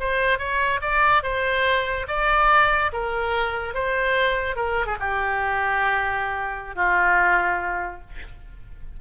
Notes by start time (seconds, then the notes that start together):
0.00 C5
0.39 C#5
0.82 D5
1.23 C5
2.08 D5
2.93 A#4
3.74 C5
4.56 A#4
4.87 G#4
5.00 G4
6.76 F4